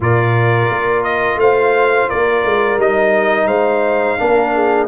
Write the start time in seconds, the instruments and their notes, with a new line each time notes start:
0.00 tuba A#2, trombone F4, horn A#4, trumpet D5
0.69 tuba A#3
1.03 trumpet D#5
1.36 tuba A3, horn C5, trumpet F5
2.09 tuba A#3, horn A#4, trumpet D5
2.44 tuba G#3
2.77 tuba G3, trombone D#4, trumpet D#5
3.46 tuba G#3, horn C5, trumpet F5
4.18 tuba A#3, trombone D4, horn A#4
4.54 horn G#4